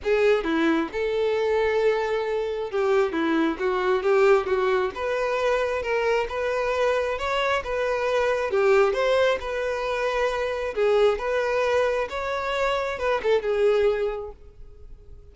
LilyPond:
\new Staff \with { instrumentName = "violin" } { \time 4/4 \tempo 4 = 134 gis'4 e'4 a'2~ | a'2 g'4 e'4 | fis'4 g'4 fis'4 b'4~ | b'4 ais'4 b'2 |
cis''4 b'2 g'4 | c''4 b'2. | gis'4 b'2 cis''4~ | cis''4 b'8 a'8 gis'2 | }